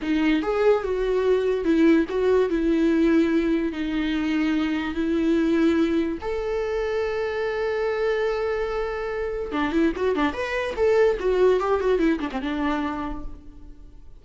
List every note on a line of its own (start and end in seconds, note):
0.02 0.42 D#4
0.42 0.83 G#4
0.83 1.64 F#4
1.64 2.05 E4
2.09 2.49 F#4
2.49 3.72 E4
3.72 4.94 D#4
4.94 6.18 E4
6.21 9.52 A4
9.52 9.71 D4
9.71 9.92 E4
9.96 10.15 F#4
10.15 10.33 D4
10.33 10.74 B4
10.76 11.17 A4
11.19 11.60 F#4
11.60 11.80 G4
11.80 11.98 F#4
11.98 12.19 E4
12.19 12.30 D4
12.31 12.41 C4
12.41 13.24 D4